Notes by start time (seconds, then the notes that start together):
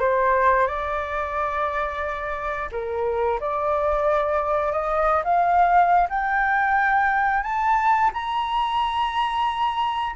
0.00 C5
0.67 D5
2.72 A#4
3.40 D5
4.73 D#5
5.24 F5
6.10 G5
7.43 A5
8.14 A#5